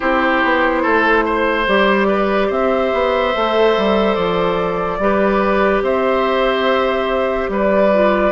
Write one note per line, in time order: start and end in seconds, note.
0.00 0.43 C4
0.00 1.65 E4
0.00 0.82 G4
0.00 1.66 C5
0.43 0.85 B3
0.82 1.67 A3
0.82 1.24 A4
1.25 2.07 C5
1.67 2.49 G3
1.67 3.34 G4
1.67 2.51 D5
2.07 2.47 B4
2.47 2.91 C4
2.47 4.97 C5
2.47 4.15 E5
2.93 3.34 B3
3.34 3.77 A3
3.34 5.00 A4
3.77 4.16 G3
4.15 4.98 F3
4.15 5.81 D5
4.98 5.81 G3
4.98 7.92 G4
4.98 5.83 B4
5.81 7.48 C4
5.81 7.50 C5
5.81 7.51 E5
7.48 8.32 G3
7.48 8.32 B4
7.48 8.32 D5
7.93 8.32 F4